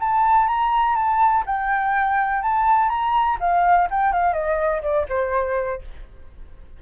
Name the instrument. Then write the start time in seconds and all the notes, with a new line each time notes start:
flute
0.00 A5
0.47 A#5
0.95 A5
1.46 G5
2.42 A5
2.89 A#5
3.40 F5
3.91 G5
4.12 F5
4.33 D#5
4.82 D5
5.09 C5